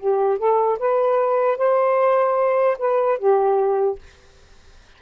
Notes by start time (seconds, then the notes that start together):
0.00 G4
0.39 A4
0.80 B4
1.58 C5
2.79 B4
3.19 G4